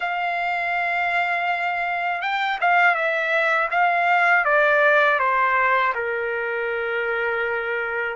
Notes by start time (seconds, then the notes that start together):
0.00 F5
2.21 G5
2.61 F5
2.95 E5
3.70 F5
4.44 D5
5.19 C5
5.94 A#4